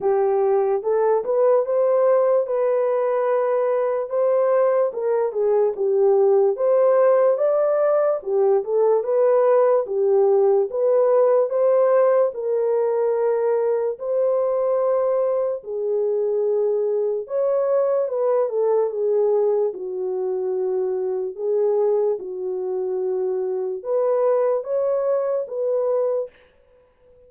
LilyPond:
\new Staff \with { instrumentName = "horn" } { \time 4/4 \tempo 4 = 73 g'4 a'8 b'8 c''4 b'4~ | b'4 c''4 ais'8 gis'8 g'4 | c''4 d''4 g'8 a'8 b'4 | g'4 b'4 c''4 ais'4~ |
ais'4 c''2 gis'4~ | gis'4 cis''4 b'8 a'8 gis'4 | fis'2 gis'4 fis'4~ | fis'4 b'4 cis''4 b'4 | }